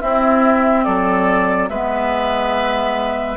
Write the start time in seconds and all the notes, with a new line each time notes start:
0.00 C4 E4 E5
0.83 F#3 A4 D5
1.68 G#3 B3 B4 E5